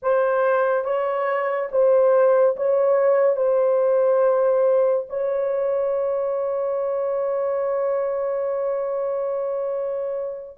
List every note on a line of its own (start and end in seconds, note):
0.02 0.84 C5
0.84 1.69 C#5
1.71 2.56 C5
2.56 3.36 C#5
3.36 5.05 C5
5.09 10.57 C#5